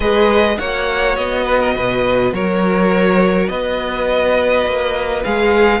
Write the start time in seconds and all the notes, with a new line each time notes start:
0.00 G#3 G#4 B4 D#5
0.58 A#3 F#4 C#5 F#5
1.15 B3 D#5
1.44 B4
1.59 A#4
1.75 B2 B4
2.32 F#3 A#4 C#5
3.48 B3 B4 D#5
4.65 A#3
5.23 G#3 G#4 F5